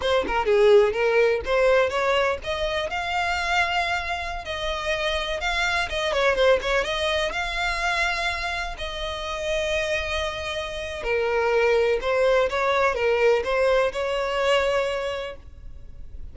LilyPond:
\new Staff \with { instrumentName = "violin" } { \time 4/4 \tempo 4 = 125 c''8 ais'8 gis'4 ais'4 c''4 | cis''4 dis''4 f''2~ | f''4~ f''16 dis''2 f''8.~ | f''16 dis''8 cis''8 c''8 cis''8 dis''4 f''8.~ |
f''2~ f''16 dis''4.~ dis''16~ | dis''2. ais'4~ | ais'4 c''4 cis''4 ais'4 | c''4 cis''2. | }